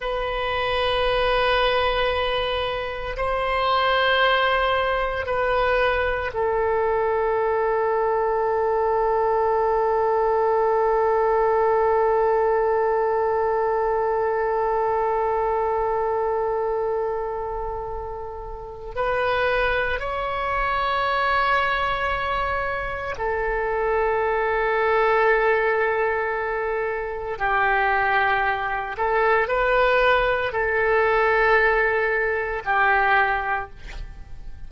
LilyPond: \new Staff \with { instrumentName = "oboe" } { \time 4/4 \tempo 4 = 57 b'2. c''4~ | c''4 b'4 a'2~ | a'1~ | a'1~ |
a'2 b'4 cis''4~ | cis''2 a'2~ | a'2 g'4. a'8 | b'4 a'2 g'4 | }